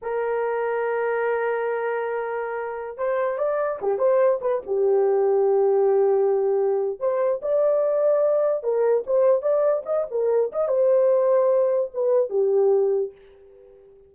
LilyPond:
\new Staff \with { instrumentName = "horn" } { \time 4/4 \tempo 4 = 146 ais'1~ | ais'2.~ ais'16 c''8.~ | c''16 d''4 g'8 c''4 b'8 g'8.~ | g'1~ |
g'4 c''4 d''2~ | d''4 ais'4 c''4 d''4 | dis''8 ais'4 dis''8 c''2~ | c''4 b'4 g'2 | }